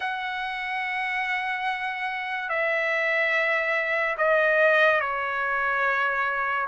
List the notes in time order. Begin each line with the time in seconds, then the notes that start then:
0.00 F#5
2.49 E5
4.17 D#5
5.00 C#5